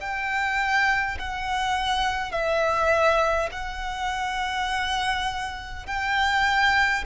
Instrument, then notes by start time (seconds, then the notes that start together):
violin
0.00 G5
1.19 F#5
2.32 E5
3.51 F#5
5.87 G5